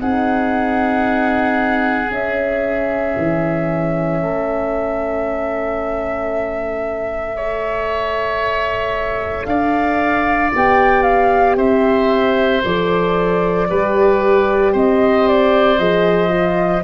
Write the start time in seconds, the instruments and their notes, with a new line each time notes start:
0.00 tuba C4, horn D#4, oboe G#4, flute F#5
2.11 tuba C#4, horn C#4, flute E5
3.18 tuba E3
4.22 tuba A3, oboe A4
7.36 horn A4, oboe C#5
9.46 tuba D4, oboe D5, flute F5
10.53 tuba B3, horn G4, flute G5
11.03 flute F5
11.57 tuba C4, oboe C5, flute E5
12.65 tuba F3, horn A4, flute D5
13.70 tuba G3, horn G4, oboe B4
14.73 tuba C4, oboe C5, flute D#5
15.28 flute D5
15.79 tuba F3, horn G#4, flute D#5
16.29 horn F4